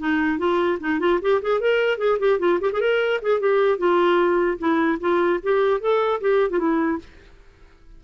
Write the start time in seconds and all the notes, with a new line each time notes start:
0.00 D#4
0.39 F4
0.81 D#4
1.00 F4
1.22 G4
1.42 G#4
1.61 A#4
1.99 G#4
2.20 G4
2.40 F4
2.61 G4
2.73 G#4
2.81 A#4
3.22 G#4
3.40 G4
3.78 F4
4.59 E4
5.01 F4
5.43 G4
5.81 A4
6.21 G4
6.51 F4
6.59 E4